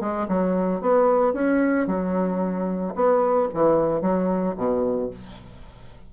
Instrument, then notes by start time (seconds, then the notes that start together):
bassoon
0.00 G#3
0.28 F#3
0.81 B3
1.33 C#4
1.87 F#3
2.95 B3
3.54 E3
4.01 F#3
4.57 B2